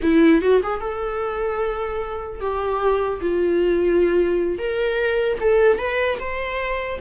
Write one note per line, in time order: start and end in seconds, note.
0.02 0.41 E4
0.41 0.61 F#4
0.63 0.80 G#4
0.80 2.40 A4
2.40 3.20 G4
3.21 4.58 F4
4.58 5.38 A#4
5.40 5.78 A4
5.78 6.18 B4
6.19 6.99 C5